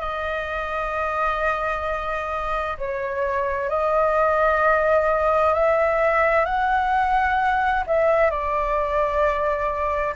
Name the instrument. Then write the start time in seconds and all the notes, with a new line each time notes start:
flute
0.00 D#5
2.78 C#5
3.69 D#5
5.53 E5
6.45 F#5
7.87 E5
8.30 D5